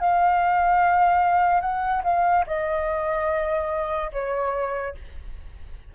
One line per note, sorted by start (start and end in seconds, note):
0.00 1.61 F5
1.61 2.02 F#5
2.04 2.45 F5
2.47 4.11 D#5
4.12 4.95 C#5